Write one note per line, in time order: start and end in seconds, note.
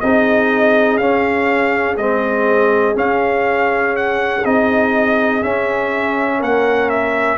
0.00 0.99 C4
0.00 1.00 D#4
0.00 6.39 G#4
0.00 0.97 D#5
0.97 1.97 C#4
0.97 1.98 C#4
0.97 1.95 F5
1.97 2.95 G#3
1.97 2.94 C4
1.97 2.95 D#5
2.94 4.42 C#4
2.94 4.44 C#4
2.94 3.96 F5
3.96 4.45 F#5
4.44 5.43 C4
4.44 5.42 D#4
4.44 5.43 D#5
5.42 7.38 C#4
5.42 6.41 C#4
5.42 6.41 E5
6.39 7.38 A#3
6.39 7.37 A#4
6.39 6.89 F#5
6.89 7.38 E5